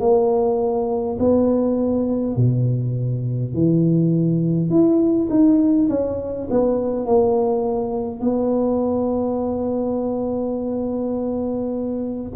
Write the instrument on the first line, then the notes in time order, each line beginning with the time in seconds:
tuba
0.00 A#3
1.19 B3
2.36 B2
3.54 E3
4.70 E4
5.30 D#4
5.89 C#4
6.50 B3
7.06 A#3
8.20 B3